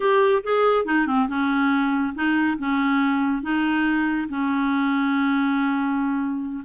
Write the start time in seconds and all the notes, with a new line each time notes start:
0.00 G4
0.43 G#4
0.85 D#4
1.06 C4
1.28 C#4
2.14 D#4
2.58 C#4
3.42 D#4
4.28 C#4